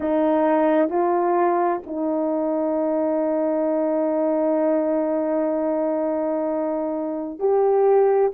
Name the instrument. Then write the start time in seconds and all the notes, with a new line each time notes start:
horn
0.00 D#4
0.89 F4
1.86 D#4
7.39 G4